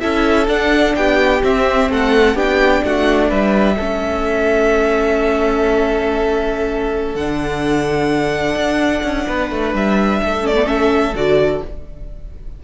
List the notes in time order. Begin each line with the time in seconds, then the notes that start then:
0.00 C#4 E4 A4 E5
0.47 D4 F#5
0.95 B3 G4 G5
1.43 C4 E5
1.90 A3 A4 F#5
2.35 B3 D4 G4 G5
2.84 A3 F#4 F#5
3.29 G3 B4 E5
3.77 A3 C#4 A4
7.15 D3 D4 F#5
8.55 D4
9.03 C#4
9.27 B3 B4
9.51 A3
9.74 G3 E5
10.24 A3 A4
10.42 C#4 D5
10.55 B3
10.65 C#4 E5
11.14 D3 F#4 D5